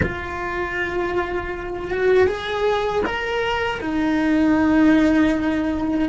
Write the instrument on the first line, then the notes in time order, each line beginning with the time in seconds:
cello
0.02 F4
1.91 F#4
2.26 G#4
3.06 A#4
3.80 D#4